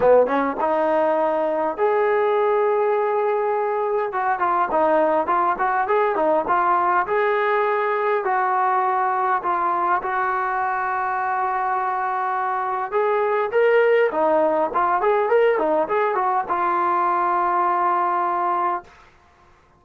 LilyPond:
\new Staff \with { instrumentName = "trombone" } { \time 4/4 \tempo 4 = 102 b8 cis'8 dis'2 gis'4~ | gis'2. fis'8 f'8 | dis'4 f'8 fis'8 gis'8 dis'8 f'4 | gis'2 fis'2 |
f'4 fis'2.~ | fis'2 gis'4 ais'4 | dis'4 f'8 gis'8 ais'8 dis'8 gis'8 fis'8 | f'1 | }